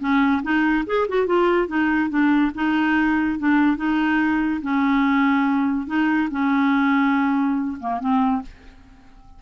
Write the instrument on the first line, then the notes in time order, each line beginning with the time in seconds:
clarinet
0.00 C#4
0.43 D#4
0.86 G#4
1.08 F#4
1.26 F4
1.67 D#4
2.10 D4
2.55 D#4
3.39 D4
3.77 D#4
4.62 C#4
5.87 D#4
6.31 C#4
7.80 A#3
8.00 C4